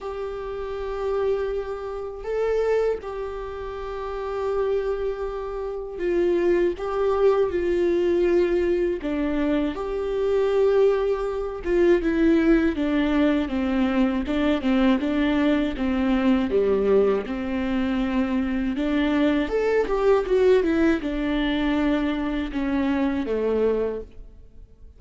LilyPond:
\new Staff \with { instrumentName = "viola" } { \time 4/4 \tempo 4 = 80 g'2. a'4 | g'1 | f'4 g'4 f'2 | d'4 g'2~ g'8 f'8 |
e'4 d'4 c'4 d'8 c'8 | d'4 c'4 g4 c'4~ | c'4 d'4 a'8 g'8 fis'8 e'8 | d'2 cis'4 a4 | }